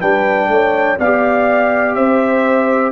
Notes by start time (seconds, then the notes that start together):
0.00 G3 D4 B4 G5
0.48 A3 C#5
0.99 B3 G4 D5 F5
1.95 C4 C5 E5